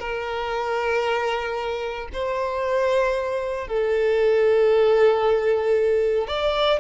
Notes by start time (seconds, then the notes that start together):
0.00 A#4
2.13 C5
3.68 A4
6.28 D5